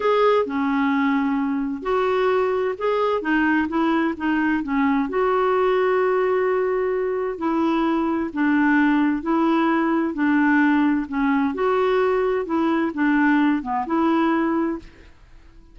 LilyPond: \new Staff \with { instrumentName = "clarinet" } { \time 4/4 \tempo 4 = 130 gis'4 cis'2. | fis'2 gis'4 dis'4 | e'4 dis'4 cis'4 fis'4~ | fis'1 |
e'2 d'2 | e'2 d'2 | cis'4 fis'2 e'4 | d'4. b8 e'2 | }